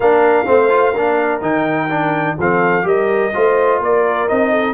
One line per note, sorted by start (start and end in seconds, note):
0.00 0.46 A#3
0.00 0.45 D4
0.00 0.46 A#4
0.00 1.40 F5
0.45 0.93 A3
0.45 0.69 C4
0.45 0.92 C5
0.69 0.93 F4
0.92 1.41 A#3
0.92 1.41 D4
0.92 2.35 A#4
1.41 2.36 D#3
1.41 1.88 D#4
1.41 2.37 G5
1.89 2.37 D4
2.38 2.85 F3
2.38 2.82 C4
2.38 2.85 A4
2.38 2.87 F5
2.82 3.32 G3
2.82 3.30 G4
2.82 3.33 A#4
2.82 3.82 D#5
3.34 3.80 A3
3.34 4.28 F4
3.34 3.80 C5
3.80 4.27 A#3
3.80 4.51 A#4
3.80 4.28 D5
4.28 4.73 C4
4.28 4.73 D#4
4.28 4.73 D#5
4.51 4.73 A4